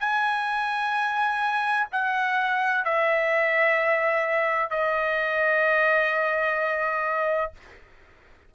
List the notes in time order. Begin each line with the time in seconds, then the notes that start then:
0.00 G#5
1.92 F#5
2.85 E5
4.71 D#5